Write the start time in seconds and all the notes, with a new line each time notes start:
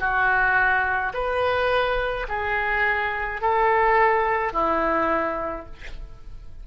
0.00 F#4
1.14 B4
2.29 G#4
3.42 A4
4.53 E4